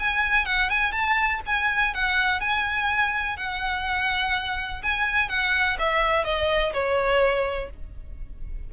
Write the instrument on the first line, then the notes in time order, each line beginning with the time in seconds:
violin
0.00 G#5
0.46 F#5
0.70 G#5
0.93 A5
1.47 G#5
1.95 F#5
2.41 G#5
3.38 F#5
4.83 G#5
5.29 F#5
5.79 E5
6.25 D#5
6.74 C#5